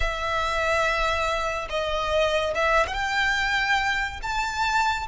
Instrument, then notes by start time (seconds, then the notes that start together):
violin
0.00 E5
1.69 D#5
2.54 E5
2.87 F#5
2.93 G5
4.22 A5